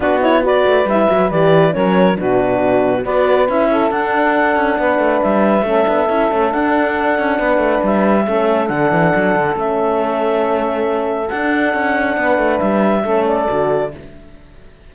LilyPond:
<<
  \new Staff \with { instrumentName = "clarinet" } { \time 4/4 \tempo 4 = 138 b'8 cis''8 d''4 e''4 d''4 | cis''4 b'2 d''4 | e''4 fis''2. | e''2. fis''4~ |
fis''2 e''2 | fis''2 e''2~ | e''2 fis''2~ | fis''4 e''4. d''4. | }
  \new Staff \with { instrumentName = "saxophone" } { \time 4/4 fis'4 b'2. | ais'4 fis'2 b'4~ | b'8 a'2~ a'8 b'4~ | b'4 a'2.~ |
a'4 b'2 a'4~ | a'1~ | a'1 | b'2 a'2 | }
  \new Staff \with { instrumentName = "horn" } { \time 4/4 d'8 e'8 fis'4 e'8 fis'8 g'4 | cis'4 d'2 fis'4 | e'4 d'2.~ | d'4 cis'8 d'8 e'8 cis'8 d'4~ |
d'2. cis'4 | d'2 cis'2~ | cis'2 d'2~ | d'2 cis'4 fis'4 | }
  \new Staff \with { instrumentName = "cello" } { \time 4/4 b4. a8 g8 fis8 e4 | fis4 b,2 b4 | cis'4 d'4. cis'8 b8 a8 | g4 a8 b8 cis'8 a8 d'4~ |
d'8 cis'8 b8 a8 g4 a4 | d8 e8 fis8 d8 a2~ | a2 d'4 cis'4 | b8 a8 g4 a4 d4 | }
>>